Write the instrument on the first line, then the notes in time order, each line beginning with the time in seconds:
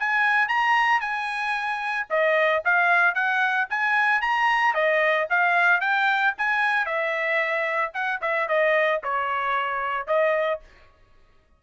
trumpet
0.00 G#5
0.49 A#5
1.01 G#5
2.10 D#5
2.65 F5
3.15 F#5
3.70 G#5
4.22 A#5
4.74 D#5
5.30 F5
5.81 G5
6.38 G#5
6.86 E5
7.94 F#5
8.22 E5
8.49 D#5
9.04 C#5
10.08 D#5